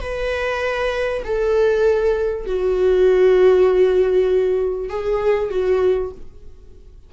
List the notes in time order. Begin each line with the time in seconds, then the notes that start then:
0.00 B4
1.24 A4
2.46 F#4
4.89 G#4
5.50 F#4